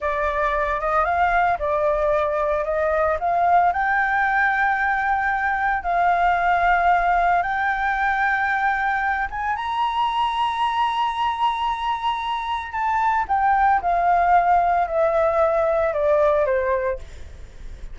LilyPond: \new Staff \with { instrumentName = "flute" } { \time 4/4 \tempo 4 = 113 d''4. dis''8 f''4 d''4~ | d''4 dis''4 f''4 g''4~ | g''2. f''4~ | f''2 g''2~ |
g''4. gis''8 ais''2~ | ais''1 | a''4 g''4 f''2 | e''2 d''4 c''4 | }